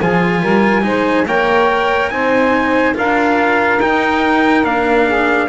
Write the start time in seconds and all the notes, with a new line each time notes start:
0.00 F3 F4 G#4 G#5
0.41 G3 A#4
0.82 G#3 D#4 C5
1.25 A#3 A#4 C#5 G5
2.09 C4 D#4 C5 G#5
2.94 D4 F4 A#4 F5
3.80 D#4 G5
4.64 A#3 D4 F5
5.05 G#4